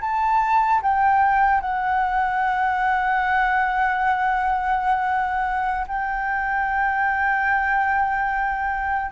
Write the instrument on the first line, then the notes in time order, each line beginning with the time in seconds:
flute
0.00 A5
0.82 G5
1.61 F#5
5.87 G5